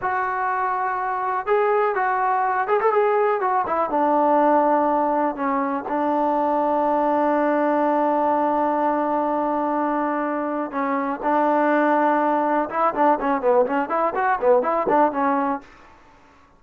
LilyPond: \new Staff \with { instrumentName = "trombone" } { \time 4/4 \tempo 4 = 123 fis'2. gis'4 | fis'4. gis'16 a'16 gis'4 fis'8 e'8 | d'2. cis'4 | d'1~ |
d'1~ | d'2 cis'4 d'4~ | d'2 e'8 d'8 cis'8 b8 | cis'8 e'8 fis'8 b8 e'8 d'8 cis'4 | }